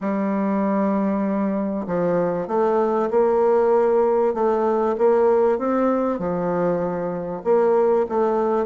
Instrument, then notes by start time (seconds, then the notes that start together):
bassoon
0.01 G3
1.87 F3
2.47 A3
3.10 A#3
4.34 A3
4.98 A#3
5.58 C4
6.18 F3
7.44 A#3
8.08 A3